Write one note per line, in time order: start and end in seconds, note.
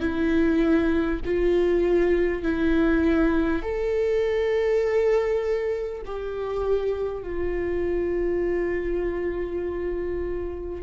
0.00 1.20 E4
1.25 2.43 F4
2.43 3.62 E4
3.62 6.02 A4
6.05 7.22 G4
7.22 10.82 F4